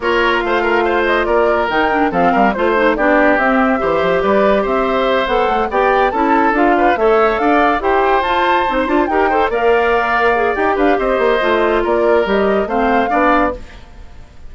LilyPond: <<
  \new Staff \with { instrumentName = "flute" } { \time 4/4 \tempo 4 = 142 cis''4 f''4. dis''8 d''4 | g''4 f''4 c''4 d''4 | e''2 d''4 e''4~ | e''8 fis''4 g''4 a''4 f''8~ |
f''8 e''4 f''4 g''4 a''8~ | a''8. c'''16 a''8 g''4 f''4.~ | f''4 g''8 f''8 dis''2 | d''4 dis''4 f''2 | }
  \new Staff \with { instrumentName = "oboe" } { \time 4/4 ais'4 c''8 ais'8 c''4 ais'4~ | ais'4 a'8 ais'8 c''4 g'4~ | g'4 c''4 b'4 c''4~ | c''4. d''4 a'4. |
b'8 cis''4 d''4 c''4.~ | c''4. ais'8 c''8 d''4.~ | d''4. b'8 c''2 | ais'2 c''4 d''4 | }
  \new Staff \with { instrumentName = "clarinet" } { \time 4/4 f'1 | dis'8 d'8 c'4 f'8 dis'8 d'4 | c'4 g'2.~ | g'8 a'4 g'4 e'4 f'8~ |
f'8 a'2 g'4 f'8~ | f'8 dis'8 f'8 g'8 a'8 ais'4.~ | ais'8 gis'8 g'2 f'4~ | f'4 g'4 c'4 d'4 | }
  \new Staff \with { instrumentName = "bassoon" } { \time 4/4 ais4 a2 ais4 | dis4 f8 g8 a4 b4 | c'4 e8 f8 g4 c'4~ | c'8 b8 a8 b4 cis'4 d'8~ |
d'8 a4 d'4 e'4 f'8~ | f'8 c'8 d'8 dis'4 ais4.~ | ais4 dis'8 d'8 c'8 ais8 a4 | ais4 g4 a4 b4 | }
>>